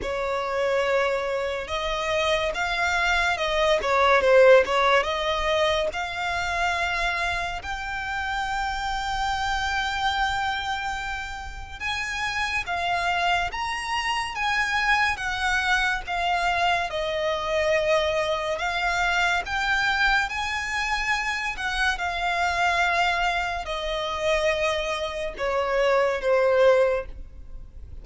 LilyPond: \new Staff \with { instrumentName = "violin" } { \time 4/4 \tempo 4 = 71 cis''2 dis''4 f''4 | dis''8 cis''8 c''8 cis''8 dis''4 f''4~ | f''4 g''2.~ | g''2 gis''4 f''4 |
ais''4 gis''4 fis''4 f''4 | dis''2 f''4 g''4 | gis''4. fis''8 f''2 | dis''2 cis''4 c''4 | }